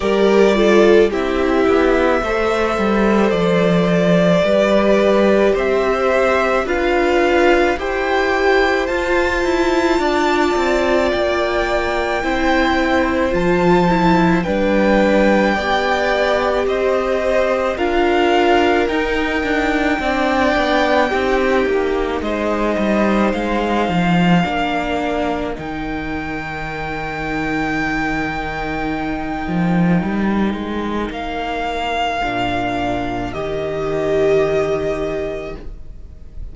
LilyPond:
<<
  \new Staff \with { instrumentName = "violin" } { \time 4/4 \tempo 4 = 54 d''4 e''2 d''4~ | d''4 e''4 f''4 g''4 | a''2 g''2 | a''4 g''2 dis''4 |
f''4 g''2. | dis''4 f''2 g''4~ | g''1 | f''2 dis''2 | }
  \new Staff \with { instrumentName = "violin" } { \time 4/4 ais'8 a'8 g'4 c''2 | b'4 c''4 b'4 c''4~ | c''4 d''2 c''4~ | c''4 b'4 d''4 c''4 |
ais'2 d''4 g'4 | c''2 ais'2~ | ais'1~ | ais'1 | }
  \new Staff \with { instrumentName = "viola" } { \time 4/4 g'8 f'8 e'4 a'2 | g'2 f'4 g'4 | f'2. e'4 | f'8 e'8 d'4 g'2 |
f'4 dis'4 d'4 dis'4~ | dis'2 d'4 dis'4~ | dis'1~ | dis'4 d'4 g'2 | }
  \new Staff \with { instrumentName = "cello" } { \time 4/4 g4 c'8 b8 a8 g8 f4 | g4 c'4 d'4 e'4 | f'8 e'8 d'8 c'8 ais4 c'4 | f4 g4 b4 c'4 |
d'4 dis'8 d'8 c'8 b8 c'8 ais8 | gis8 g8 gis8 f8 ais4 dis4~ | dis2~ dis8 f8 g8 gis8 | ais4 ais,4 dis2 | }
>>